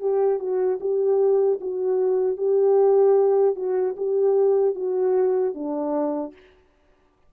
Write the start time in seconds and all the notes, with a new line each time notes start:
0.00 G4
0.39 F#4
0.80 G4
1.61 F#4
2.37 G4
3.56 F#4
3.97 G4
4.75 F#4
5.54 D4